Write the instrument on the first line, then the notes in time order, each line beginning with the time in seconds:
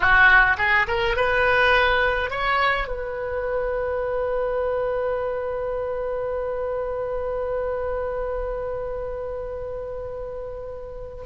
oboe
0.00 F#4
0.57 G#4
0.87 A#4
1.16 B4
2.30 C#5
2.87 B4